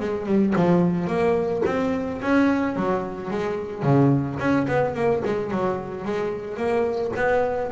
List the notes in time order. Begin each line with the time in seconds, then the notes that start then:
0.00 G#3
0.26 G3
0.56 F3
1.08 A#3
1.66 C4
2.22 C#4
2.76 F#3
3.31 G#3
3.83 C#3
4.39 C#4
4.68 B3
4.95 A#3
5.25 G#3
5.51 F#3
6.05 G#3
6.57 A#3
7.17 B3